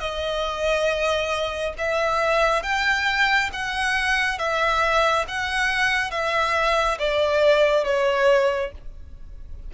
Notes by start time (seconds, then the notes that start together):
0.00 D#5
1.78 E5
2.63 G5
3.53 F#5
4.38 E5
5.28 F#5
6.11 E5
6.99 D5
7.85 C#5